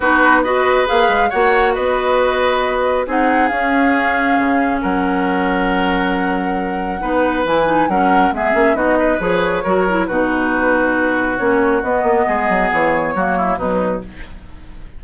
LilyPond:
<<
  \new Staff \with { instrumentName = "flute" } { \time 4/4 \tempo 4 = 137 b'4 dis''4 f''4 fis''4 | dis''2. fis''4 | f''2. fis''4~ | fis''1~ |
fis''4 gis''4 fis''4 e''4 | dis''4 cis''2 b'4~ | b'2 cis''4 dis''4~ | dis''4 cis''2 b'4 | }
  \new Staff \with { instrumentName = "oboe" } { \time 4/4 fis'4 b'2 cis''4 | b'2. gis'4~ | gis'2. ais'4~ | ais'1 |
b'2 ais'4 gis'4 | fis'8 b'4. ais'4 fis'4~ | fis'1 | gis'2 fis'8 e'8 dis'4 | }
  \new Staff \with { instrumentName = "clarinet" } { \time 4/4 dis'4 fis'4 gis'4 fis'4~ | fis'2. dis'4 | cis'1~ | cis'1 |
dis'4 e'8 dis'8 cis'4 b8 cis'8 | dis'4 gis'4 fis'8 e'8 dis'4~ | dis'2 cis'4 b4~ | b2 ais4 fis4 | }
  \new Staff \with { instrumentName = "bassoon" } { \time 4/4 b2 ais8 gis8 ais4 | b2. c'4 | cis'2 cis4 fis4~ | fis1 |
b4 e4 fis4 gis8 ais8 | b4 f4 fis4 b,4~ | b,2 ais4 b8 ais8 | gis8 fis8 e4 fis4 b,4 | }
>>